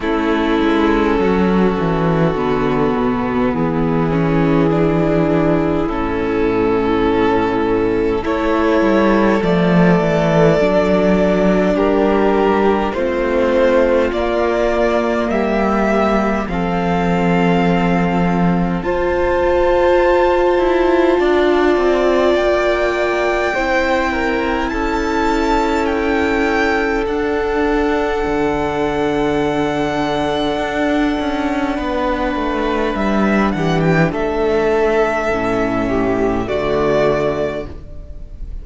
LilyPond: <<
  \new Staff \with { instrumentName = "violin" } { \time 4/4 \tempo 4 = 51 a'2. gis'4~ | gis'4 a'2 cis''4 | d''2 ais'4 c''4 | d''4 e''4 f''2 |
a''2. g''4~ | g''4 a''4 g''4 fis''4~ | fis''1 | e''8 fis''16 g''16 e''2 d''4 | }
  \new Staff \with { instrumentName = "violin" } { \time 4/4 e'4 fis'2 e'4~ | e'2. a'4~ | a'2 g'4 f'4~ | f'4 g'4 a'2 |
c''2 d''2 | c''8 ais'8 a'2.~ | a'2. b'4~ | b'8 g'8 a'4. g'8 fis'4 | }
  \new Staff \with { instrumentName = "viola" } { \time 4/4 cis'2 b4. cis'8 | d'4 cis'2 e'4 | a4 d'2 c'4 | ais2 c'2 |
f'1 | e'2. d'4~ | d'1~ | d'2 cis'4 a4 | }
  \new Staff \with { instrumentName = "cello" } { \time 4/4 a8 gis8 fis8 e8 d8 b,8 e4~ | e4 a,2 a8 g8 | f8 e8 fis4 g4 a4 | ais4 g4 f2 |
f'4. e'8 d'8 c'8 ais4 | c'4 cis'2 d'4 | d2 d'8 cis'8 b8 a8 | g8 e8 a4 a,4 d4 | }
>>